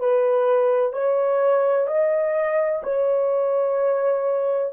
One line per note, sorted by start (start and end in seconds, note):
0.00 0.93 B4
0.93 1.87 C#5
1.87 2.83 D#5
2.84 4.73 C#5